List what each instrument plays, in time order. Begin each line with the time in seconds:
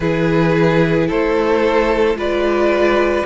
0.00 cello E3, viola E4, violin G#4 B4
1.07 cello A3, violin A4 C5
2.14 cello G#3, viola F4, violin B4 D5